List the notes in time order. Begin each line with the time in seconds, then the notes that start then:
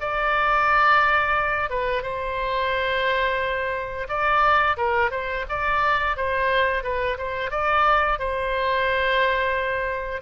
0.00 D5
1.69 B4
2.02 C5
4.08 D5
4.77 A#4
5.11 C5
5.49 D5
6.16 C5
6.83 B4
7.18 C5
7.51 D5
8.19 C5